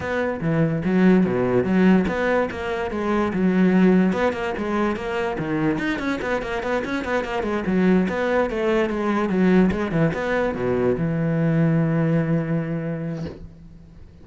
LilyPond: \new Staff \with { instrumentName = "cello" } { \time 4/4 \tempo 4 = 145 b4 e4 fis4 b,4 | fis4 b4 ais4 gis4 | fis2 b8 ais8 gis4 | ais4 dis4 dis'8 cis'8 b8 ais8 |
b8 cis'8 b8 ais8 gis8 fis4 b8~ | b8 a4 gis4 fis4 gis8 | e8 b4 b,4 e4.~ | e1 | }